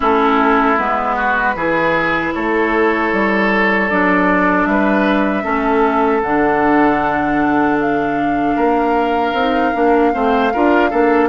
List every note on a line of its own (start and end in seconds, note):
0.00 0.78 A3
0.00 0.77 C#4
0.00 1.15 E4
0.00 0.77 A4
0.77 1.55 G#3
0.77 1.55 B3
0.77 2.33 B4
1.15 1.54 F#4
1.55 2.33 E3
1.55 3.90 E4
1.55 2.34 G#4
2.34 3.12 A3
2.34 4.68 A4
2.34 3.89 C#5
3.12 3.90 G3
3.89 4.65 F#3
3.89 5.43 D4
3.89 4.65 D5
4.65 5.43 G3
4.65 5.44 B4
4.65 6.21 E5
5.43 6.23 A3
5.43 6.21 C#4
5.43 8.55 A4
6.22 8.56 D3
6.22 9.36 D4
6.22 7.78 F#5
7.80 11.29 F5
8.55 9.33 A#3
8.55 10.11 A#4
9.33 9.72 C4
9.33 9.74 D#4
9.74 10.13 A#3
9.74 10.12 D4
10.12 10.53 A3
10.12 10.51 C4
10.12 10.52 C5
10.53 10.92 D4
10.53 10.90 F4
10.53 10.89 A#4
10.89 11.29 A#3
10.89 11.29 D4
10.89 11.28 A4